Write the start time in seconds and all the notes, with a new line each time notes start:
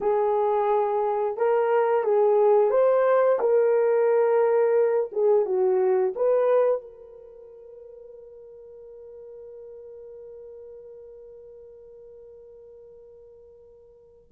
0.00 G#4
1.37 A#4
2.04 G#4
2.70 C5
3.39 A#4
5.12 G#4
5.45 F#4
6.15 B4
6.81 A#4